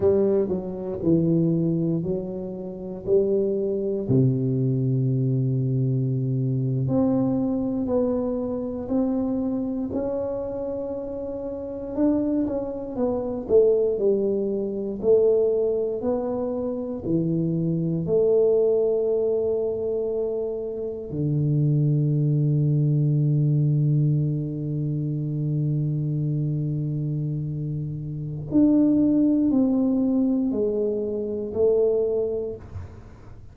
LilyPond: \new Staff \with { instrumentName = "tuba" } { \time 4/4 \tempo 4 = 59 g8 fis8 e4 fis4 g4 | c2~ c8. c'4 b16~ | b8. c'4 cis'2 d'16~ | d'16 cis'8 b8 a8 g4 a4 b16~ |
b8. e4 a2~ a16~ | a8. d2.~ d16~ | d1 | d'4 c'4 gis4 a4 | }